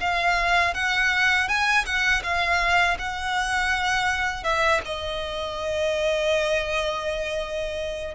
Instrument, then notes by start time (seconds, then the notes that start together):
violin
0.00 F5
0.74 F#5
1.48 G#5
1.85 F#5
2.23 F5
2.99 F#5
4.43 E5
4.85 D#5